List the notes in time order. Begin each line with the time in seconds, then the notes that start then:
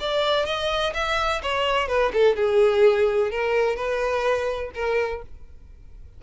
0.00 D5
0.45 D#5
0.94 E5
1.42 C#5
1.88 B4
2.13 A4
2.36 G#4
3.31 A#4
3.76 B4
4.74 A#4